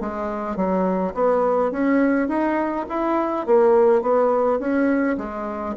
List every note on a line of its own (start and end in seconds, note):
0.00 0.56 G#3
0.56 1.14 F#3
1.14 1.72 B3
1.72 2.28 C#4
2.28 2.86 D#4
2.89 3.46 E4
3.46 4.02 A#3
4.02 4.59 B3
4.59 5.17 C#4
5.18 5.75 G#3